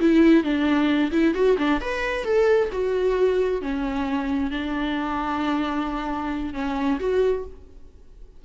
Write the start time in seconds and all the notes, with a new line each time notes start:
0.00 E4
0.43 D4
1.12 E4
1.34 F#4
1.58 D4
1.81 B4
2.24 A4
2.72 F#4
3.62 C#4
4.51 D4
6.54 C#4
7.00 F#4